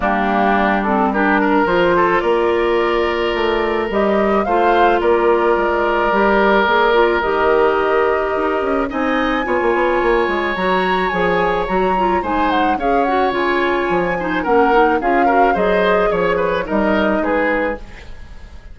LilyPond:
<<
  \new Staff \with { instrumentName = "flute" } { \time 4/4 \tempo 4 = 108 g'4. a'8 ais'4 c''4 | d''2. dis''4 | f''4 d''2.~ | d''4 dis''2. |
gis''2. ais''4 | gis''4 ais''4 gis''8 fis''8 f''8 fis''8 | gis''2 fis''4 f''4 | dis''4 cis''4 dis''4 b'4 | }
  \new Staff \with { instrumentName = "oboe" } { \time 4/4 d'2 g'8 ais'4 a'8 | ais'1 | c''4 ais'2.~ | ais'1 |
dis''4 cis''2.~ | cis''2 c''4 cis''4~ | cis''4. c''8 ais'4 gis'8 ais'8 | c''4 cis''8 b'8 ais'4 gis'4 | }
  \new Staff \with { instrumentName = "clarinet" } { \time 4/4 ais4. c'8 d'4 f'4~ | f'2. g'4 | f'2. g'4 | gis'8 f'8 g'2. |
dis'4 f'2 fis'4 | gis'4 fis'8 f'8 dis'4 gis'8 fis'8 | f'4. dis'8 cis'8 dis'8 f'8 fis'8 | gis'2 dis'2 | }
  \new Staff \with { instrumentName = "bassoon" } { \time 4/4 g2. f4 | ais2 a4 g4 | a4 ais4 gis4 g4 | ais4 dis2 dis'8 cis'8 |
c'4 b16 ais16 b8 ais8 gis8 fis4 | f4 fis4 gis4 cis'4 | cis4 f4 ais4 cis'4 | fis4 f4 g4 gis4 | }
>>